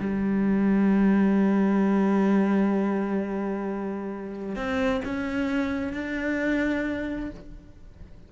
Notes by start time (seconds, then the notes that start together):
0.00 G3
4.56 C4
5.05 C#4
5.93 D4